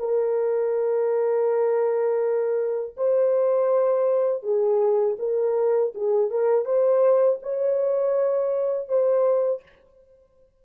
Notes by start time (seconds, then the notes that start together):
0.00 A#4
2.97 C5
4.43 G#4
5.20 A#4
5.95 G#4
6.31 A#4
6.66 C5
7.43 C#5
8.89 C5